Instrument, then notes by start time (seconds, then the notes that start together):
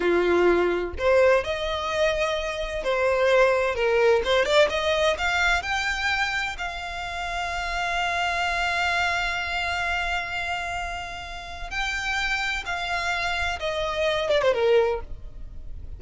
violin
0.00 F4
0.98 C5
1.43 D#5
2.83 C5
3.75 A#4
4.24 C5
4.45 D5
4.69 D#5
5.18 F5
5.62 G5
6.58 F5
11.70 G5
12.65 F5
13.59 D#5
14.30 D5
14.42 C5
14.53 A#4